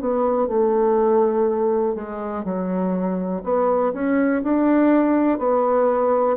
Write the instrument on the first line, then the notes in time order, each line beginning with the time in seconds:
bassoon
0.00 B3
0.47 A3
1.95 G#3
2.44 F#3
3.44 B3
3.93 C#4
4.43 D4
5.39 B3